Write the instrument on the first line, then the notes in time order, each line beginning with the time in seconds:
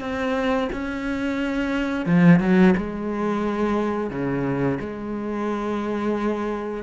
cello
0.00 C4
0.72 C#4
2.05 F3
2.40 F#3
2.77 G#3
4.10 C#3
4.80 G#3